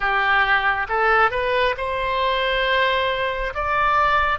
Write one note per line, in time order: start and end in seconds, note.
0.00 0.87 G4
0.88 1.30 A4
1.30 1.74 B4
1.76 3.53 C5
3.54 4.38 D5